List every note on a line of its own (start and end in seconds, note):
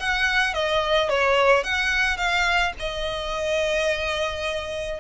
0.00 0.54 F#5
0.54 1.10 D#5
1.10 1.64 C#5
1.64 2.17 F#5
2.17 2.73 F5
2.80 5.00 D#5